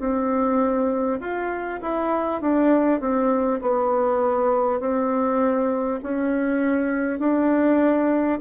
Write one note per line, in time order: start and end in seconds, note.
0.00 1.20 C4
1.20 1.80 F4
1.82 2.41 E4
2.41 3.01 D4
3.01 3.61 C4
3.62 4.80 B3
4.80 6.00 C4
6.03 7.19 C#4
7.19 8.39 D4